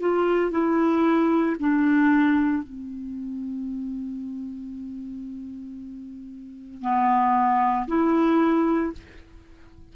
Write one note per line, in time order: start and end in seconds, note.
0.00 0.51 F4
0.51 1.56 E4
1.59 2.63 D4
2.63 6.81 C4
6.81 7.87 B3
7.87 8.92 E4